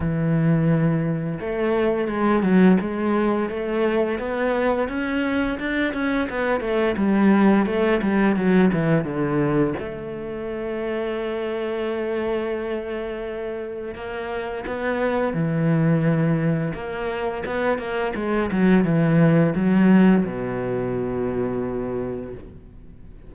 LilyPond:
\new Staff \with { instrumentName = "cello" } { \time 4/4 \tempo 4 = 86 e2 a4 gis8 fis8 | gis4 a4 b4 cis'4 | d'8 cis'8 b8 a8 g4 a8 g8 | fis8 e8 d4 a2~ |
a1 | ais4 b4 e2 | ais4 b8 ais8 gis8 fis8 e4 | fis4 b,2. | }